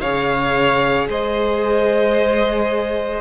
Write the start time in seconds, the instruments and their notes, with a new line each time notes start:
0.00 cello C#3, viola G#4, violin C#5 F5
1.08 cello G#3, violin C5 D#5